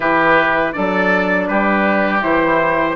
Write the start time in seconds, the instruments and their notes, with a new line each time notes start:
0.00 bassoon E3, horn E4, oboe G4, trumpet B4
0.73 bassoon F#3, horn D4, oboe A4, trumpet D5
1.47 bassoon G3, oboe G4, trumpet B4
2.20 bassoon E3, horn E4, trumpet C5